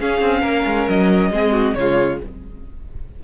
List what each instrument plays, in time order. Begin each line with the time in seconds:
0.00 viola C#4, cello C#4, violin G#4 F5
0.21 cello C4
0.41 cello A#3, violin A#4
0.66 cello G#3
0.89 cello F#3, violin D#5
1.31 cello G#3, viola C4, violin G#4
1.52 violin F#4
1.75 cello C#3, viola G#3, violin F4 C#5